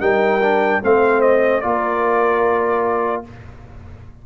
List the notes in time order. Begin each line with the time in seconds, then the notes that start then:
0.00 G3 D#4 A#4 G5
0.42 D4
0.82 A3 C4 C5 F5
1.21 D#5
1.61 A#3 F4 A#4 D5